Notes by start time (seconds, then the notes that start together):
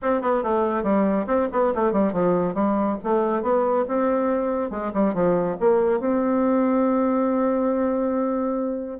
0.02 C4
0.21 B3
0.43 A3
0.83 G3
1.26 C4
1.52 B3
1.75 A3
1.92 G3
2.12 F3
2.54 G3
3.03 A3
3.42 B3
3.87 C4
4.70 G#3
4.93 G3
5.14 F3
5.60 A#3
6.00 C4